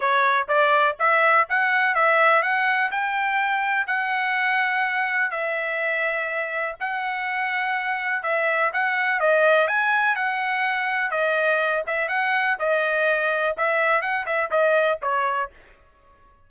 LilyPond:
\new Staff \with { instrumentName = "trumpet" } { \time 4/4 \tempo 4 = 124 cis''4 d''4 e''4 fis''4 | e''4 fis''4 g''2 | fis''2. e''4~ | e''2 fis''2~ |
fis''4 e''4 fis''4 dis''4 | gis''4 fis''2 dis''4~ | dis''8 e''8 fis''4 dis''2 | e''4 fis''8 e''8 dis''4 cis''4 | }